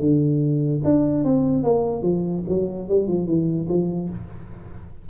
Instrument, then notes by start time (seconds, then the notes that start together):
tuba
0.00 D3
0.84 D4
1.24 C4
1.63 A#3
2.02 F3
2.48 F#3
2.88 G3
3.08 F3
3.27 E3
3.69 F3